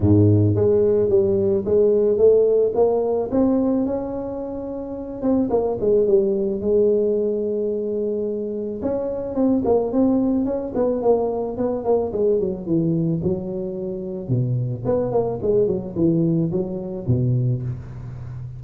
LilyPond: \new Staff \with { instrumentName = "tuba" } { \time 4/4 \tempo 4 = 109 gis,4 gis4 g4 gis4 | a4 ais4 c'4 cis'4~ | cis'4. c'8 ais8 gis8 g4 | gis1 |
cis'4 c'8 ais8 c'4 cis'8 b8 | ais4 b8 ais8 gis8 fis8 e4 | fis2 b,4 b8 ais8 | gis8 fis8 e4 fis4 b,4 | }